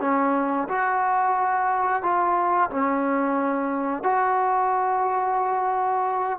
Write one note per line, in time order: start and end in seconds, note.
0.00 0.67 C#4
0.68 2.02 F#4
2.02 2.70 F4
2.70 4.03 C#4
4.03 6.39 F#4